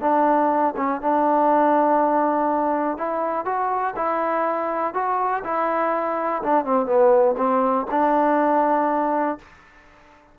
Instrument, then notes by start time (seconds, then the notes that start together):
trombone
0.00 D4
0.76 C#4
1.01 D4
2.97 E4
3.45 F#4
3.96 E4
4.94 F#4
5.43 E4
6.42 D4
6.65 C4
6.86 B3
7.37 C4
7.90 D4